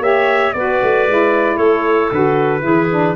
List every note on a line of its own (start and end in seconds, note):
0.00 0.52 A#3
0.00 0.53 G4
0.00 0.56 C#5
0.00 0.54 E5
0.54 0.81 B3
0.54 1.09 F#4
0.54 1.57 B4
0.54 1.58 D5
0.83 1.07 A3
1.07 1.57 G#3
1.07 2.12 E4
1.57 2.10 A3
1.57 2.61 A4
1.57 2.10 C#5
2.12 2.64 D3
2.12 2.60 F#4
2.12 3.16 B4
2.60 3.16 E3
2.60 2.86 E4
2.60 3.16 G#4
2.91 3.16 D4